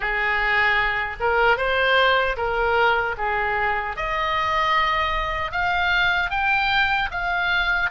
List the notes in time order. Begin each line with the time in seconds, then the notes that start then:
0.00 G#4
1.20 A#4
1.57 C5
2.36 A#4
3.17 G#4
3.96 D#5
5.51 F5
6.30 G5
7.11 F5